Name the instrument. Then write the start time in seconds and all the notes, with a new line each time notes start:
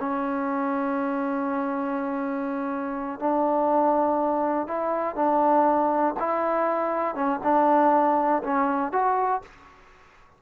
trombone
0.00 C#4
3.20 D4
4.68 E4
5.16 D4
6.20 E4
7.16 C#4
7.44 D4
8.44 C#4
8.93 F#4